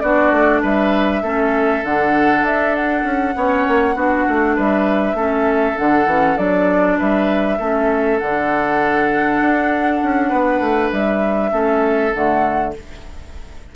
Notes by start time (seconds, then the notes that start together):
0.00 B3 D4 F#4 D5
0.31 A3
0.62 G3 B4 E5
1.22 A3 C#4 A4
1.84 D3 D4 F#5
2.42 D4 E5
2.75 F#5
3.03 C#4
3.35 B3 C#4 C#5
3.68 A#3
3.95 B3 D4 F#4
4.28 A3
4.56 G3 B4 E5
5.14 A3 C#4 A4
5.76 D3 D4 F#5
6.06 E3 C#4
6.37 F#3 D4 D5
6.98 G3 B4 E5
7.58 A3 C#4 A4
8.19 D3 F#5
8.25 D4
9.41 D4
10.03 C#4
10.29 B3 B4
10.60 A3
10.92 G3 E5
11.51 A3 C#4 A4
12.13 D3 A3 F#5